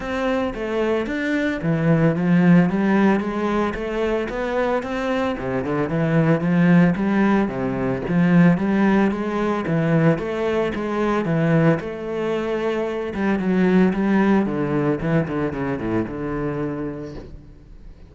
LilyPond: \new Staff \with { instrumentName = "cello" } { \time 4/4 \tempo 4 = 112 c'4 a4 d'4 e4 | f4 g4 gis4 a4 | b4 c'4 c8 d8 e4 | f4 g4 c4 f4 |
g4 gis4 e4 a4 | gis4 e4 a2~ | a8 g8 fis4 g4 d4 | e8 d8 cis8 a,8 d2 | }